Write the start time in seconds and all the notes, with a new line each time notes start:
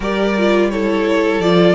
0.00 G3 G4 A#4 D5
0.37 F4
0.70 E4 A4 C#5
1.39 F3 F4 D5